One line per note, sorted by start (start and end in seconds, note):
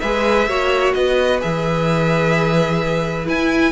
0.00 0.47 G#3
0.00 0.49 G#4
0.00 0.48 B4
0.00 0.93 E5
0.47 0.93 A#3
0.47 1.40 F#4
0.47 0.95 C#5
0.93 1.42 B3
0.93 3.72 B4
0.93 1.40 D#5
1.40 3.28 E3
1.40 3.26 G#4
1.40 3.28 E5
3.26 3.72 E4
3.26 3.72 G#5